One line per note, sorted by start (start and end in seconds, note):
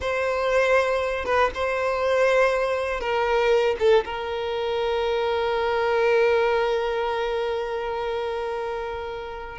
0.00 1.25 C5
1.25 1.50 B4
1.54 3.00 C5
3.00 3.76 A#4
3.79 4.04 A4
4.05 9.58 A#4